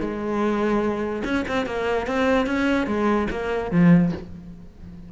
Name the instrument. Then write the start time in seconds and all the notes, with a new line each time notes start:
cello
0.00 G#3
1.24 C#4
1.48 C4
1.66 A#3
2.06 C4
2.46 C#4
2.86 G#3
3.30 A#3
3.71 F3